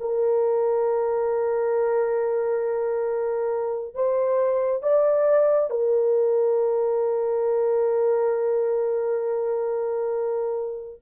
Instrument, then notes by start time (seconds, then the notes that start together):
horn
0.00 A#4
3.94 C5
4.82 D5
5.70 A#4